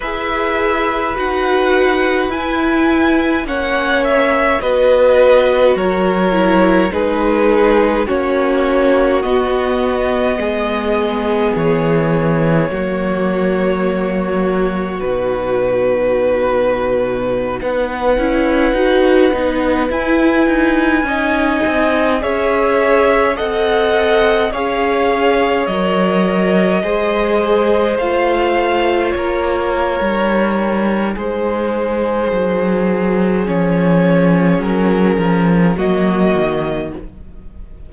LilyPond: <<
  \new Staff \with { instrumentName = "violin" } { \time 4/4 \tempo 4 = 52 e''4 fis''4 gis''4 fis''8 e''8 | dis''4 cis''4 b'4 cis''4 | dis''2 cis''2~ | cis''4 b'2~ b'16 fis''8.~ |
fis''4~ fis''16 gis''2 e''8.~ | e''16 fis''4 f''4 dis''4.~ dis''16~ | dis''16 f''4 cis''4.~ cis''16 c''4~ | c''4 cis''4 ais'4 dis''4 | }
  \new Staff \with { instrumentName = "violin" } { \time 4/4 b'2. cis''4 | b'4 ais'4 gis'4 fis'4~ | fis'4 gis'2 fis'4~ | fis'2.~ fis'16 b'8.~ |
b'2~ b'16 dis''4 cis''8.~ | cis''16 dis''4 cis''2 c''8.~ | c''4~ c''16 ais'4.~ ais'16 gis'4~ | gis'2. fis'4 | }
  \new Staff \with { instrumentName = "viola" } { \time 4/4 gis'4 fis'4 e'4 cis'4 | fis'4. e'8 dis'4 cis'4 | b2. ais4~ | ais4 dis'2~ dis'8. e'16~ |
e'16 fis'8 dis'8 e'4 dis'4 gis'8.~ | gis'16 a'4 gis'4 ais'4 gis'8.~ | gis'16 f'4.~ f'16 dis'2~ | dis'4 cis'2 ais4 | }
  \new Staff \with { instrumentName = "cello" } { \time 4/4 e'4 dis'4 e'4 ais4 | b4 fis4 gis4 ais4 | b4 gis4 e4 fis4~ | fis4 b,2~ b,16 b8 cis'16~ |
cis'16 dis'8 b8 e'8 dis'8 cis'8 c'8 cis'8.~ | cis'16 c'4 cis'4 fis4 gis8.~ | gis16 a4 ais8. g4 gis4 | fis4 f4 fis8 f8 fis8 dis8 | }
>>